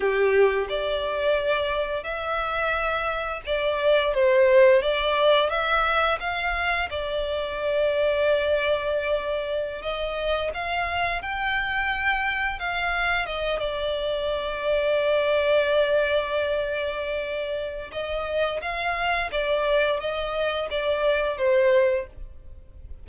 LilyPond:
\new Staff \with { instrumentName = "violin" } { \time 4/4 \tempo 4 = 87 g'4 d''2 e''4~ | e''4 d''4 c''4 d''4 | e''4 f''4 d''2~ | d''2~ d''16 dis''4 f''8.~ |
f''16 g''2 f''4 dis''8 d''16~ | d''1~ | d''2 dis''4 f''4 | d''4 dis''4 d''4 c''4 | }